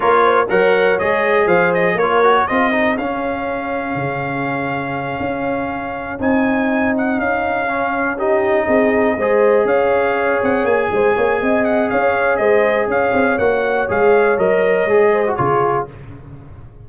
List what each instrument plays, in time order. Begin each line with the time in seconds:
0.00 tuba A#3, trombone F4, horn A#4, trumpet C#5
0.23 horn C5
0.49 tuba F#3, trombone A#4, horn C#5, trumpet F#5
0.99 tuba G#3, trombone G#4, trumpet D#5
1.46 tuba F3, horn C5, trumpet F5
1.74 trumpet D#5
1.94 tuba A#3, horn A#4, trumpet C#5
2.02 trombone F4
2.23 trombone F#4
2.47 tuba C4, trombone F4, horn G#4, trumpet D#5
2.72 trombone D#4
2.97 tuba C#4, trombone C#4, trumpet F5
3.95 tuba C#3
5.20 tuba C#4
6.18 tuba C4, trombone D#4, trumpet G#5
6.97 trumpet F#5
7.18 tuba C#4, trumpet F5
7.67 trombone C#4
8.17 trombone D#4, horn G4, trumpet D#5
8.67 tuba C4, horn G#4
9.17 tuba G#3, trombone G#4, horn C5
9.64 tuba C#4, horn C#5, trumpet F5
10.42 tuba C4, trumpet F#5
10.64 tuba A#3, trumpet G#5
10.91 tuba G#3, horn C5
11.15 tuba A#3, horn C#5
11.41 tuba C4, horn D#5
11.64 trumpet F#5
11.89 tuba C#4, horn C#5, trumpet F5
12.37 tuba G#3, horn C5, trumpet D#5
12.87 tuba C#4, horn C#5, trumpet F5
13.13 tuba C4
13.38 tuba A#3, trombone F#4, trumpet F#5
13.88 tuba G#3, trombone G#4, trumpet F5
14.37 tuba F#3, trombone A#4, trumpet D#5
14.85 tuba G#3, trombone G#4
15.12 horn C5
15.26 trombone F#4
15.35 tuba C#3, trombone F4, horn G#4, trumpet C#5